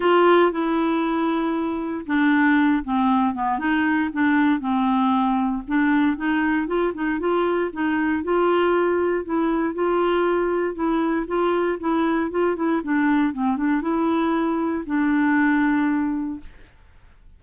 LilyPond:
\new Staff \with { instrumentName = "clarinet" } { \time 4/4 \tempo 4 = 117 f'4 e'2. | d'4. c'4 b8 dis'4 | d'4 c'2 d'4 | dis'4 f'8 dis'8 f'4 dis'4 |
f'2 e'4 f'4~ | f'4 e'4 f'4 e'4 | f'8 e'8 d'4 c'8 d'8 e'4~ | e'4 d'2. | }